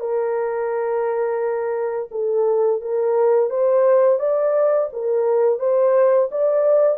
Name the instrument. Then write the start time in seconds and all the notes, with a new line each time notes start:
horn
0.00 A#4
2.11 A4
2.81 A#4
3.50 C5
4.19 D5
4.93 A#4
5.59 C5
6.31 D5